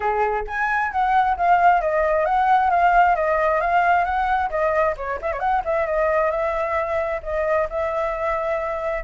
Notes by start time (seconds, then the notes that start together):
0.00 G#4
0.47 G#5
0.91 F#5
1.37 F5
1.81 D#5
2.25 F#5
2.70 F5
3.15 D#5
3.60 F5
4.04 F#5
4.50 D#5
4.96 C#5
5.21 E5
5.32 C#5
5.39 F#5
5.64 E5
5.86 D#5
6.30 E5
7.22 D#5
7.69 E5